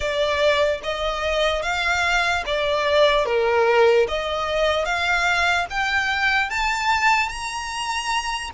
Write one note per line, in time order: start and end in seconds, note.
0.00 0.81 D5
0.83 1.62 D#5
1.62 2.43 F5
2.46 3.25 D5
3.25 4.06 A#4
4.08 4.85 D#5
4.85 5.66 F5
5.70 6.50 G5
6.50 7.28 A5
7.28 8.50 A#5